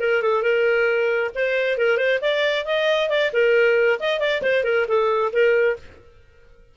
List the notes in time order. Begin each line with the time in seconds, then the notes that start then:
0.00 A#4
0.22 A4
0.43 A#4
1.35 C5
1.78 A#4
1.97 C5
2.21 D5
2.66 D#5
3.09 D5
3.33 A#4
4.00 D#5
4.20 D5
4.42 C5
4.64 A#4
4.88 A4
5.32 A#4